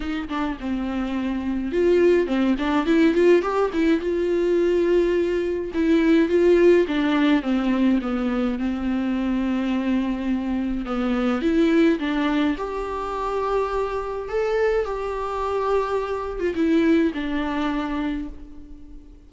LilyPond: \new Staff \with { instrumentName = "viola" } { \time 4/4 \tempo 4 = 105 dis'8 d'8 c'2 f'4 | c'8 d'8 e'8 f'8 g'8 e'8 f'4~ | f'2 e'4 f'4 | d'4 c'4 b4 c'4~ |
c'2. b4 | e'4 d'4 g'2~ | g'4 a'4 g'2~ | g'8. f'16 e'4 d'2 | }